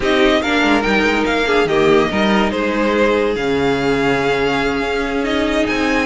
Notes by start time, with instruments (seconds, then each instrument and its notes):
0.00 cello C4, viola D#4, violin G4 D#5
0.42 cello A#3, viola D4, violin A#4 F5
0.63 cello G#3
0.81 cello G3, viola D#4, violin G5
1.03 cello G#3
1.25 cello A#3, violin F5
1.46 viola D4, violin G#4
1.64 cello D#3, viola A#3, violin G4 D#5
2.10 cello G3, viola D#4, violin A#4
2.50 cello G#3, violin G#4 C5
3.35 cello C#3, viola C#4, violin F5
4.80 cello C#4
5.24 viola D#4, violin D#5
5.66 cello C4, violin G#5